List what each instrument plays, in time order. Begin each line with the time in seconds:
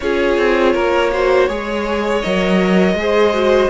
0.00 cello C#4, viola F4, violin G#4 C#5
0.37 cello C4
0.73 cello A#3, violin A#4
1.12 viola F#4, violin C5
1.48 cello G#3, viola G#4, violin C#5
2.22 cello F#3, viola A#4, violin D#5
2.93 cello G#3, viola G#4
3.00 violin C5
3.34 viola F#4